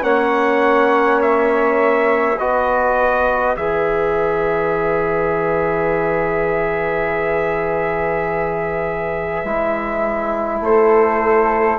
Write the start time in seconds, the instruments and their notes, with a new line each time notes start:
0.00 bassoon A#3, trombone C#4, flute C#5, trumpet F#5
1.22 trumpet E5
2.38 bassoon B3, trombone F#4, flute B4, trumpet D#5
3.56 bassoon E3, trombone G#4, trumpet E5
9.44 bassoon G#3, trombone E4
10.60 bassoon A3, flute A4, trumpet C5